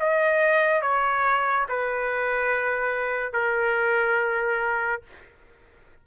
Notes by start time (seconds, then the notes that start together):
0.00 D#5
0.82 C#5
1.69 B4
3.33 A#4